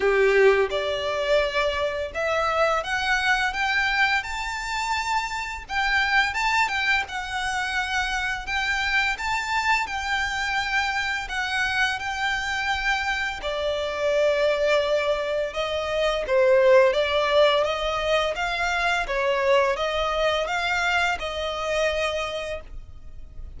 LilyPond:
\new Staff \with { instrumentName = "violin" } { \time 4/4 \tempo 4 = 85 g'4 d''2 e''4 | fis''4 g''4 a''2 | g''4 a''8 g''8 fis''2 | g''4 a''4 g''2 |
fis''4 g''2 d''4~ | d''2 dis''4 c''4 | d''4 dis''4 f''4 cis''4 | dis''4 f''4 dis''2 | }